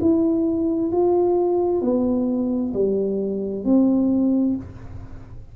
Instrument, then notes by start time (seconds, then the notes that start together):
tuba
0.00 E4
0.91 F4
1.81 B3
2.74 G3
3.64 C4